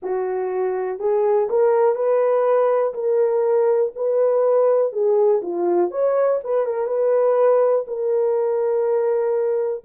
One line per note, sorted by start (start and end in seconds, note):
0.02 0.99 F#4
0.99 1.48 G#4
1.49 1.95 A#4
1.95 2.93 B4
2.94 3.92 A#4
3.95 4.92 B4
4.92 5.41 G#4
5.41 5.90 F4
5.90 6.39 C#5
6.43 6.65 B4
6.65 6.86 A#4
6.86 7.85 B4
7.87 9.84 A#4